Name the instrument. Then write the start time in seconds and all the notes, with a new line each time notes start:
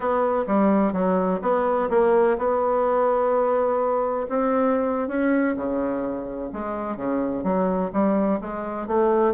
bassoon
0.00 B3
0.47 G3
0.93 F#3
1.42 B3
1.90 A#3
2.38 B3
4.29 C4
5.08 C#4
5.56 C#3
6.52 G#3
6.96 C#3
7.43 F#3
7.92 G3
8.41 G#3
8.87 A3